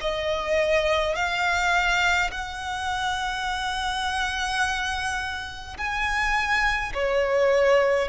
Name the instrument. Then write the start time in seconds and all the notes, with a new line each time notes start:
violin
0.00 D#5
1.15 F5
2.31 F#5
5.77 G#5
6.93 C#5